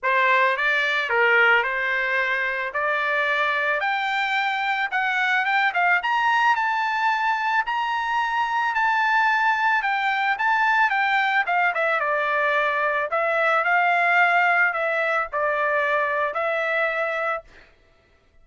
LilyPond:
\new Staff \with { instrumentName = "trumpet" } { \time 4/4 \tempo 4 = 110 c''4 d''4 ais'4 c''4~ | c''4 d''2 g''4~ | g''4 fis''4 g''8 f''8 ais''4 | a''2 ais''2 |
a''2 g''4 a''4 | g''4 f''8 e''8 d''2 | e''4 f''2 e''4 | d''2 e''2 | }